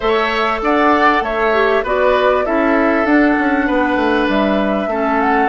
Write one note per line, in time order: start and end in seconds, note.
0.00 0.61 A3
0.00 1.53 A4
0.00 0.61 C#5
0.00 0.60 E5
0.61 1.21 D4
0.61 1.23 D5
0.61 1.23 F#5
1.21 1.82 A3
1.21 1.83 C#5
1.21 1.84 E5
1.53 1.84 G4
1.83 2.45 B3
1.83 2.45 F#4
1.83 2.44 B4
1.83 2.45 D5
2.45 3.05 C#4
2.45 3.05 E4
2.45 3.67 A4
2.45 3.06 E5
3.05 3.35 D4
3.05 4.89 D4
3.05 4.28 F#5
3.39 3.69 C#4
3.67 3.96 B3
3.67 4.89 B4
3.96 4.26 A3
4.28 4.86 G3
4.28 5.20 E5
4.86 5.48 A3
4.86 5.48 C#4
4.86 5.48 A4
5.20 5.48 F#5